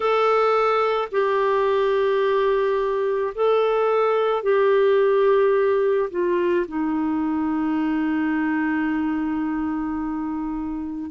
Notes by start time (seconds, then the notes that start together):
0.00 A4
1.11 G4
3.34 A4
4.42 G4
6.10 F4
6.67 D#4